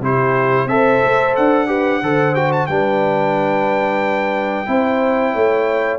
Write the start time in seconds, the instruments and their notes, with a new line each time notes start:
0.00 tuba C3, trombone E4, horn G4, trumpet C5
0.65 tuba C4, trombone A4, horn C5, trumpet E5
1.05 tuba A3
1.36 tuba D4, trumpet F#5
1.67 trombone G4, horn B4
2.02 tuba D3, trombone A4, horn C5
2.35 trombone F#4, trumpet G5
2.52 trumpet A5
2.66 tuba G3, trombone D4, horn B4, trumpet G5
4.66 tuba C4, trombone E4, horn C5
5.33 tuba A3, horn C#5